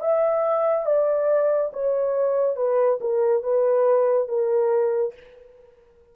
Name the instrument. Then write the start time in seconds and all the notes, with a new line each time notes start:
horn
0.00 E5
0.85 D5
1.73 C#5
2.56 B4
3.00 A#4
3.43 B4
4.28 A#4